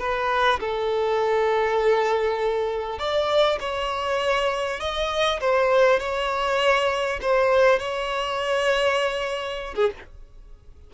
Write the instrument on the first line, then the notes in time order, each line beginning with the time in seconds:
violin
0.00 B4
0.61 A4
2.99 D5
3.60 C#5
4.81 D#5
5.41 C5
6.00 C#5
7.22 C5
7.80 C#5
9.76 G#4